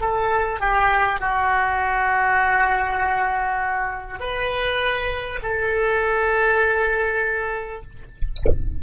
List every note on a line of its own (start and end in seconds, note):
0.00 0.59 A4
0.59 1.19 G4
1.20 4.19 F#4
4.19 5.39 B4
5.42 7.82 A4